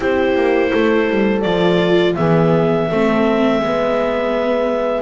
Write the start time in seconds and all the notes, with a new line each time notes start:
0.00 C4 E4 G4 C5
0.35 A#3
0.71 A3 A4
1.10 G3
1.41 F3 F4 D5
2.15 E3 B3 G#4 E5
2.89 A3 C4 A4
3.59 G#3 B3 B4